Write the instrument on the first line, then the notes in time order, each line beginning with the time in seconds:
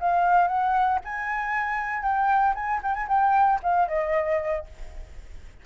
flute
0.00 F5
0.47 F#5
1.05 G#5
2.02 G5
2.55 G#5
2.83 G5
2.94 G#5
3.08 G5
3.63 F5
3.88 D#5